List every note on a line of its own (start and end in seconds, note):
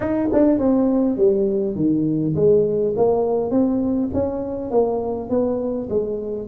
0.00 0.28 D#4
0.32 0.58 D4
0.58 1.17 C4
1.17 1.75 G3
1.75 2.34 D#3
2.35 2.94 G#3
2.96 3.50 A#3
3.50 4.09 C4
4.13 4.70 C#4
4.70 5.29 A#3
5.29 5.88 B3
5.89 6.47 G#3